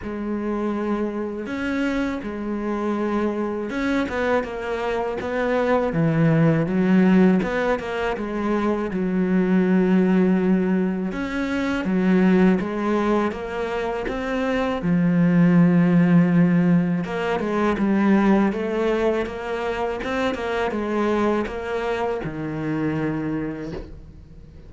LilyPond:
\new Staff \with { instrumentName = "cello" } { \time 4/4 \tempo 4 = 81 gis2 cis'4 gis4~ | gis4 cis'8 b8 ais4 b4 | e4 fis4 b8 ais8 gis4 | fis2. cis'4 |
fis4 gis4 ais4 c'4 | f2. ais8 gis8 | g4 a4 ais4 c'8 ais8 | gis4 ais4 dis2 | }